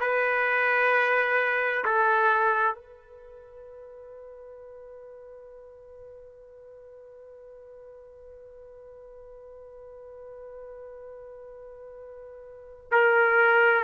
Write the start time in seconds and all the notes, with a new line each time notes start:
0.00 B4
1.85 A4
2.75 B4
12.92 A#4